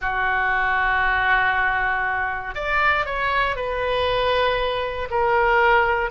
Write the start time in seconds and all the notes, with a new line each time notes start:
0.00 F#4
2.54 D5
3.05 C#5
3.55 B4
5.10 A#4